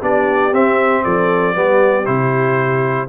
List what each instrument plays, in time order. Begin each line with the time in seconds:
0.00 tuba B3, trombone D4, horn G4, trumpet D5
0.52 tuba C4, trombone C4, trumpet E5
1.03 tuba F3, horn A4, trumpet D5
1.54 tuba G3, trombone B3, horn G4
2.04 tuba C3, trombone E4, trumpet C5